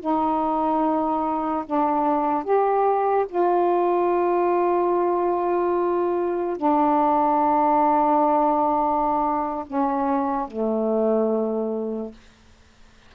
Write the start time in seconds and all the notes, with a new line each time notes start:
0.00 D#4
1.66 D4
2.44 G4
3.29 F4
6.57 D4
9.67 C#4
10.48 A3